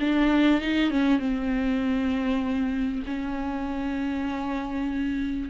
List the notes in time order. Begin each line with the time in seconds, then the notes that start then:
0.00 D4
0.61 D#4
0.90 C#4
1.19 C4
3.06 C#4